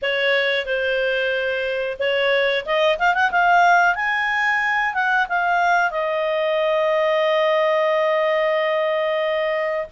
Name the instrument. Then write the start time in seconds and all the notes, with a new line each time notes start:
clarinet
0.02 C#5
0.65 C5
1.99 C#5
2.65 D#5
2.98 F5
3.14 F#5
3.31 F5
3.95 G#5
4.93 F#5
5.28 F5
5.90 D#5